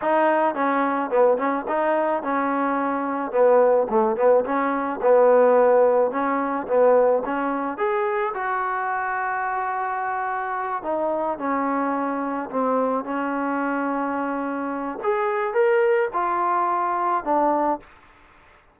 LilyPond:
\new Staff \with { instrumentName = "trombone" } { \time 4/4 \tempo 4 = 108 dis'4 cis'4 b8 cis'8 dis'4 | cis'2 b4 a8 b8 | cis'4 b2 cis'4 | b4 cis'4 gis'4 fis'4~ |
fis'2.~ fis'8 dis'8~ | dis'8 cis'2 c'4 cis'8~ | cis'2. gis'4 | ais'4 f'2 d'4 | }